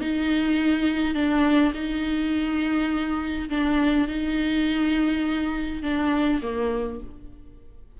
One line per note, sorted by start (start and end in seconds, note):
0.00 1.14 D#4
1.14 1.72 D4
1.74 3.48 D#4
3.49 4.07 D4
4.07 5.82 D#4
5.82 6.41 D4
6.42 7.00 A#3